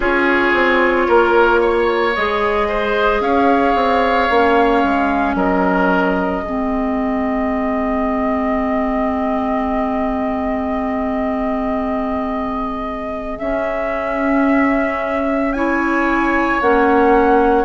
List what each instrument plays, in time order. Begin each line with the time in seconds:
0.00 bassoon C#4, clarinet F4, oboe G#4, flute C#5
0.53 bassoon C4
1.08 bassoon A#3, oboe A#4
1.60 oboe C#5
2.15 bassoon G#3, clarinet G#4, flute D#5
2.68 oboe C5
3.20 bassoon C#4, oboe C#5, flute F5
3.74 bassoon C4
4.29 bassoon A#3, clarinet C#4
4.83 bassoon G#3
5.34 bassoon F#3, oboe A#4, flute D#5
6.41 bassoon G#3, clarinet C4, oboe G#4
13.38 clarinet C#4, bassoon C#4, flute E5
15.52 clarinet E4, oboe C#5, flute G#5
16.60 bassoon A#3, clarinet C#4, flute F#5